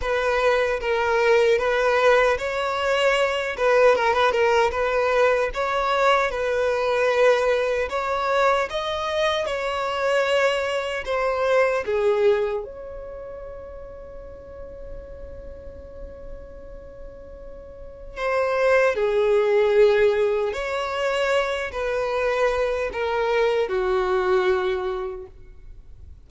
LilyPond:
\new Staff \with { instrumentName = "violin" } { \time 4/4 \tempo 4 = 76 b'4 ais'4 b'4 cis''4~ | cis''8 b'8 ais'16 b'16 ais'8 b'4 cis''4 | b'2 cis''4 dis''4 | cis''2 c''4 gis'4 |
cis''1~ | cis''2. c''4 | gis'2 cis''4. b'8~ | b'4 ais'4 fis'2 | }